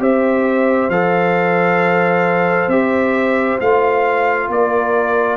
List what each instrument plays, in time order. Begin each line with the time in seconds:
0.00 tuba C4, trombone G4, horn C5, trumpet E5
0.89 tuba F3, trombone A4, trumpet F5
2.68 tuba C4, trombone G4, trumpet E5
3.60 tuba A3, trombone F4, trumpet F5
4.49 tuba A#3, horn A#4, trumpet D5